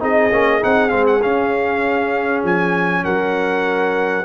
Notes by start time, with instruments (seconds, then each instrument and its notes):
0.00 tuba C4, trombone D#4, horn G#4, trumpet D#5
0.31 tuba A#3, trombone C#4
0.61 tuba C4, trombone D#4, trumpet F#5
0.89 tuba G#3, trombone C4, trumpet F5
1.07 trumpet F#5
1.22 trombone C#4, tuba C#4, trumpet F5
2.44 tuba F3, trumpet G#5
3.04 tuba F#3, horn A#4, trumpet F#5